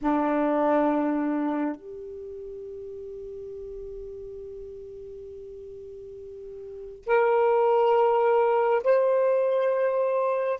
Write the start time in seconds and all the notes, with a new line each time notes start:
0.01 D4
1.75 G4
7.06 A#4
8.83 C5